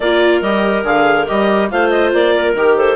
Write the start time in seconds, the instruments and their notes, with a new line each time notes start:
0.00 bassoon A#3, viola F4, clarinet A#4 D5
0.41 bassoon G3, viola G4, clarinet D#5
0.83 bassoon D3, viola G#4, clarinet F5
1.27 bassoon G3, viola G4, clarinet D#5
1.70 bassoon A3, viola F4, clarinet C5 F5
1.90 clarinet D#5
2.13 bassoon A#3, clarinet D5
2.34 clarinet A#4
2.53 bassoon D#3, viola G4, clarinet A#4
2.76 clarinet A4 C5